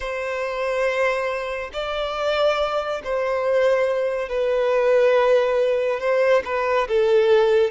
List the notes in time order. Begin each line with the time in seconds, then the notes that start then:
0.00 C5
1.73 D5
3.04 C5
4.29 B4
6.00 C5
6.44 B4
6.88 A4